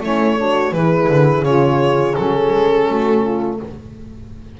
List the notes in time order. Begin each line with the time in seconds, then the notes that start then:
0.00 A3 C#4 E4 C#5
0.37 D4 F#4
0.71 E3 E4 G#4 B4
1.09 D3
1.42 C#3 F4 C#5
2.15 F#3 C#4 A4
2.53 G#3
2.88 A3 F#4
3.24 F4